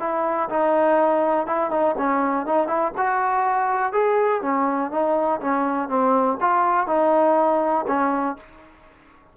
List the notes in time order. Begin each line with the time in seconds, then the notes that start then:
0.00 E4
0.49 D#4
1.47 E4
1.71 D#4
1.98 C#4
2.46 D#4
2.67 E4
2.97 F#4
3.93 G#4
4.42 C#4
4.91 D#4
5.41 C#4
5.89 C4
6.41 F4
6.87 D#4
7.87 C#4